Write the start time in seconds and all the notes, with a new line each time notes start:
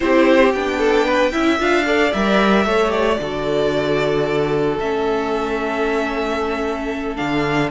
0.00 C4 E4 G4 C5
0.52 B3 D4 G5
0.78 A4
1.05 B4
1.32 C#4 E4 E5
1.58 D4 F4 F5
1.85 A4 D5
2.12 G3 A#4 E5
2.65 A3 A4 C#5
2.88 G4 D5
3.19 D3 F#4 A4
4.79 A3 C#4 E5
7.16 D3 D4 F5